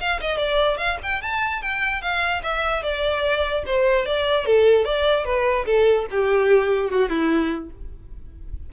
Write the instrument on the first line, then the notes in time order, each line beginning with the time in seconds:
violin
0.00 F5
0.21 D#5
0.38 D5
0.78 F5
1.03 G5
1.22 A5
1.62 G5
2.02 F5
2.43 E5
2.83 D5
3.66 C5
4.06 D5
4.46 A4
4.85 D5
5.25 B4
5.66 A4
6.11 G4
6.91 F#4
7.09 E4